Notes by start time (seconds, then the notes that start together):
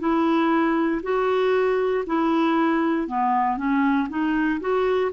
0.00 E4
1.03 F#4
2.07 E4
3.08 B3
3.57 C#4
4.10 D#4
4.60 F#4